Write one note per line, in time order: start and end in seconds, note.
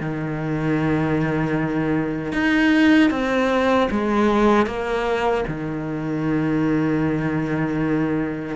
0.00 2.32 D#3
2.32 3.10 D#4
3.10 3.88 C4
3.90 4.66 G#3
4.66 5.44 A#3
5.47 8.56 D#3